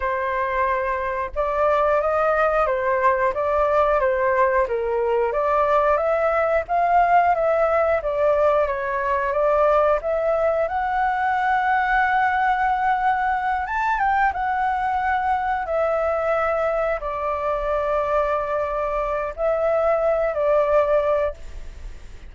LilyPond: \new Staff \with { instrumentName = "flute" } { \time 4/4 \tempo 4 = 90 c''2 d''4 dis''4 | c''4 d''4 c''4 ais'4 | d''4 e''4 f''4 e''4 | d''4 cis''4 d''4 e''4 |
fis''1~ | fis''8 a''8 g''8 fis''2 e''8~ | e''4. d''2~ d''8~ | d''4 e''4. d''4. | }